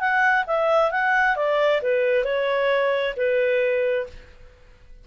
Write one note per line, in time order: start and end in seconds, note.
0.00 0.45 F#5
0.47 0.91 E5
0.91 1.36 F#5
1.36 1.81 D5
1.82 2.25 B4
2.25 3.15 C#5
3.17 4.07 B4